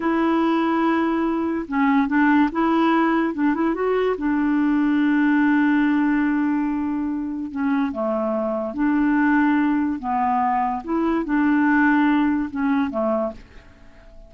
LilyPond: \new Staff \with { instrumentName = "clarinet" } { \time 4/4 \tempo 4 = 144 e'1 | cis'4 d'4 e'2 | d'8 e'8 fis'4 d'2~ | d'1~ |
d'2 cis'4 a4~ | a4 d'2. | b2 e'4 d'4~ | d'2 cis'4 a4 | }